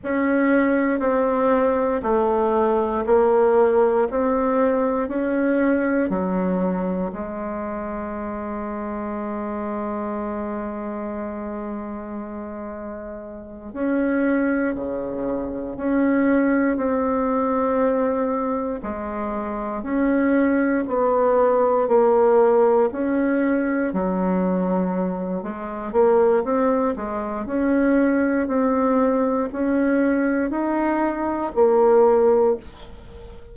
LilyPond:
\new Staff \with { instrumentName = "bassoon" } { \time 4/4 \tempo 4 = 59 cis'4 c'4 a4 ais4 | c'4 cis'4 fis4 gis4~ | gis1~ | gis4. cis'4 cis4 cis'8~ |
cis'8 c'2 gis4 cis'8~ | cis'8 b4 ais4 cis'4 fis8~ | fis4 gis8 ais8 c'8 gis8 cis'4 | c'4 cis'4 dis'4 ais4 | }